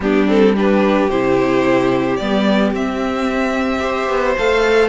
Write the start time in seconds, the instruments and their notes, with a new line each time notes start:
0.00 cello G3, viola B3, violin D4 G4
0.27 viola C4, violin A4
0.55 viola D4, violin G4 B4
1.09 cello C3, viola E4, violin C5
2.16 cello G3, viola B3, violin D5
2.73 cello C4, viola C4, violin E5
3.79 viola G4, violin C5
4.08 cello B3
4.37 cello A3, viola A4, violin F5